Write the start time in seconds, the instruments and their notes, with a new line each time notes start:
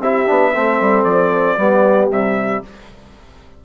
0.00 bassoon C4, trombone E4, horn G4, trumpet E5
0.27 bassoon B3, trombone D4
0.54 bassoon A3, trombone C4, horn A4
0.81 bassoon G3
1.04 bassoon F3, trumpet D5
1.57 bassoon G3, trombone B3, horn G4
2.09 bassoon C3, trombone G3, trumpet E5